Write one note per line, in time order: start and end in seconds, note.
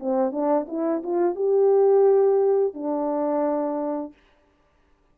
0.00 0.32 C4
0.32 0.67 D4
0.68 1.03 E4
1.04 1.36 F4
1.36 2.74 G4
2.74 4.14 D4